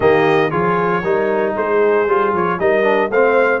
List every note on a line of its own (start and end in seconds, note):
0.00 0.52 D#3
0.00 0.50 A#3
0.00 0.50 G4
0.00 0.50 D#5
0.50 1.03 F3
0.50 1.02 F4
0.50 1.02 G#4
0.50 1.53 C#5
1.03 1.55 G3
1.03 2.08 D#4
1.03 1.55 A#4
1.55 2.07 G#3
1.55 2.59 G#4
1.55 2.34 C5
2.07 2.32 G3
2.07 2.59 F4
2.32 2.58 F3
2.32 2.59 C#5
2.59 3.09 G3
2.59 2.83 D#4
2.59 3.10 A#4
2.59 3.11 D#5
2.83 3.09 D4
3.09 3.60 A3
3.09 3.60 C4
3.09 3.60 C5
3.09 3.60 F5